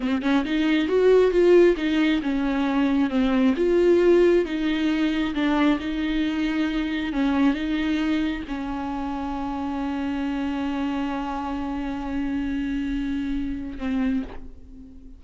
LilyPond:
\new Staff \with { instrumentName = "viola" } { \time 4/4 \tempo 4 = 135 c'8 cis'8 dis'4 fis'4 f'4 | dis'4 cis'2 c'4 | f'2 dis'2 | d'4 dis'2. |
cis'4 dis'2 cis'4~ | cis'1~ | cis'1~ | cis'2. c'4 | }